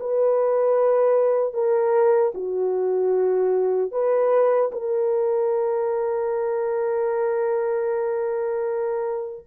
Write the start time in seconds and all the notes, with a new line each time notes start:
0.00 B4
1.54 A#4
2.34 F#4
3.92 B4
4.72 A#4